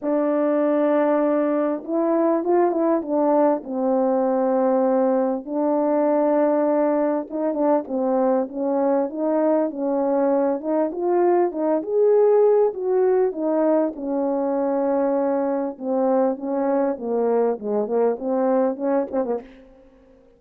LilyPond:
\new Staff \with { instrumentName = "horn" } { \time 4/4 \tempo 4 = 99 d'2. e'4 | f'8 e'8 d'4 c'2~ | c'4 d'2. | dis'8 d'8 c'4 cis'4 dis'4 |
cis'4. dis'8 f'4 dis'8 gis'8~ | gis'4 fis'4 dis'4 cis'4~ | cis'2 c'4 cis'4 | ais4 gis8 ais8 c'4 cis'8 c'16 ais16 | }